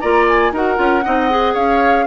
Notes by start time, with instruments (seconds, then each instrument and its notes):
0.00 bassoon A#3, clarinet F4, oboe D5, flute A#5
0.28 flute G#5
0.52 bassoon D#4, clarinet F#4, oboe A#4, flute F#5
0.76 bassoon C#4, clarinet F4
1.04 bassoon C4, clarinet D#4, oboe D#5
1.30 clarinet G#4
1.54 bassoon C#4, oboe C#5, flute F5